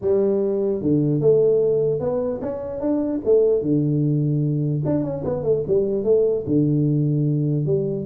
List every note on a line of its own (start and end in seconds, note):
0.01 0.81 G3
0.81 1.21 D3
1.21 2.00 A3
2.00 2.40 B3
2.41 2.80 C#4
2.80 3.20 D4
3.25 3.61 A3
3.61 4.82 D3
4.85 5.03 D4
5.03 5.23 C#4
5.24 5.43 B3
5.43 5.63 A3
5.67 6.04 G3
6.04 6.44 A3
6.46 7.65 D3
7.65 8.05 G3